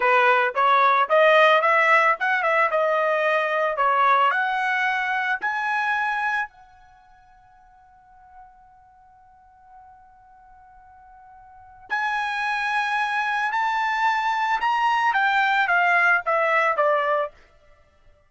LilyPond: \new Staff \with { instrumentName = "trumpet" } { \time 4/4 \tempo 4 = 111 b'4 cis''4 dis''4 e''4 | fis''8 e''8 dis''2 cis''4 | fis''2 gis''2 | fis''1~ |
fis''1~ | fis''2 gis''2~ | gis''4 a''2 ais''4 | g''4 f''4 e''4 d''4 | }